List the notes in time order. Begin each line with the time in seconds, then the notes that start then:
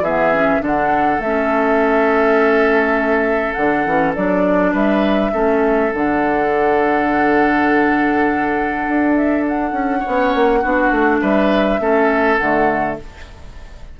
0.00 E3 B3 G#4 E5
0.33 C#4
0.60 D3 D4 A4 F#5
1.18 A3 E5
1.25 C#4
3.53 D3 D4 F#5
3.85 E3 C#4
4.15 F#3 D4 D5
4.72 G3 B4 E5
5.32 A3 C#4 A4
5.92 D3 D4 F#5
8.87 D4
9.15 E5
9.48 F#5
9.71 C#4
9.99 C#4 C#5
10.06 B3
10.34 A#3
10.62 B3 D4 F#4
10.91 A3
11.21 G3 B4 E5
11.79 A3 C#4 A4
12.37 D3 A3 F#5